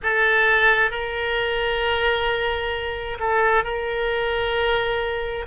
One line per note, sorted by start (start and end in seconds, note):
0.02 0.90 A4
0.90 3.18 A#4
3.19 3.64 A4
3.64 5.45 A#4